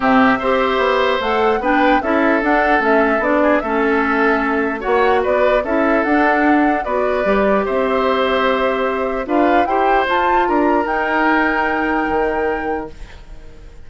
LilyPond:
<<
  \new Staff \with { instrumentName = "flute" } { \time 4/4 \tempo 4 = 149 e''2. fis''4 | g''4 e''4 fis''4 e''4 | d''4 e''2. | fis''4 d''4 e''4 fis''4~ |
fis''4 d''2 e''4~ | e''2. f''4 | g''4 a''4 ais''4 g''4~ | g''1 | }
  \new Staff \with { instrumentName = "oboe" } { \time 4/4 g'4 c''2. | b'4 a'2.~ | a'8 gis'8 a'2. | cis''4 b'4 a'2~ |
a'4 b'2 c''4~ | c''2. b'4 | c''2 ais'2~ | ais'1 | }
  \new Staff \with { instrumentName = "clarinet" } { \time 4/4 c'4 g'2 a'4 | d'4 e'4 d'4 cis'4 | d'4 cis'2. | fis'2 e'4 d'4~ |
d'4 fis'4 g'2~ | g'2. f'4 | g'4 f'2 dis'4~ | dis'1 | }
  \new Staff \with { instrumentName = "bassoon" } { \time 4/4 c4 c'4 b4 a4 | b4 cis'4 d'4 a4 | b4 a2. | ais4 b4 cis'4 d'4~ |
d'4 b4 g4 c'4~ | c'2. d'4 | e'4 f'4 d'4 dis'4~ | dis'2 dis2 | }
>>